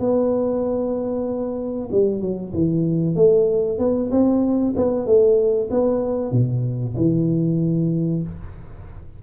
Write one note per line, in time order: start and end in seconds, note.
0.00 1.89 B3
1.92 2.21 G3
2.21 2.53 F#3
2.53 3.15 E3
3.15 3.78 A3
3.79 4.10 B3
4.11 4.74 C4
4.76 5.06 B3
5.06 5.69 A3
5.71 6.32 B3
6.32 6.95 B2
6.96 8.23 E3